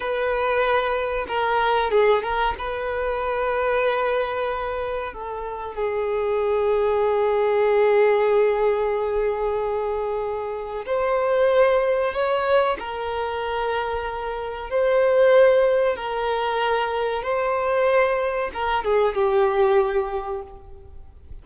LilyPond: \new Staff \with { instrumentName = "violin" } { \time 4/4 \tempo 4 = 94 b'2 ais'4 gis'8 ais'8 | b'1 | a'4 gis'2.~ | gis'1~ |
gis'4 c''2 cis''4 | ais'2. c''4~ | c''4 ais'2 c''4~ | c''4 ais'8 gis'8 g'2 | }